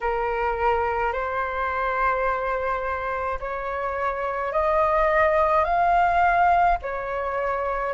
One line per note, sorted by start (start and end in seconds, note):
0.01 1.12 A#4
1.12 3.39 C5
3.40 4.52 C#5
4.52 5.64 D#5
5.64 6.77 F5
6.82 7.93 C#5